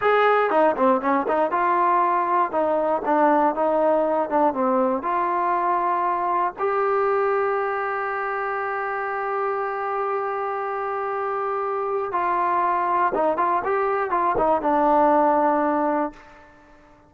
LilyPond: \new Staff \with { instrumentName = "trombone" } { \time 4/4 \tempo 4 = 119 gis'4 dis'8 c'8 cis'8 dis'8 f'4~ | f'4 dis'4 d'4 dis'4~ | dis'8 d'8 c'4 f'2~ | f'4 g'2.~ |
g'1~ | g'1 | f'2 dis'8 f'8 g'4 | f'8 dis'8 d'2. | }